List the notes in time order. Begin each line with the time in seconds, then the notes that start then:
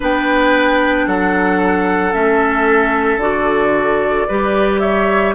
0.00 B3 D4 B4 G5
1.06 F#3 A4 F#5
2.12 A3 C#4 E5
3.17 D3 F#4 D5
4.28 G3 G4 B4
4.79 C#5 E5